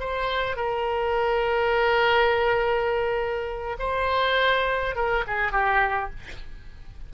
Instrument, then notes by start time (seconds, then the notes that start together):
oboe
0.00 C5
0.56 A#4
3.79 C5
4.95 A#4
5.27 G#4
5.52 G4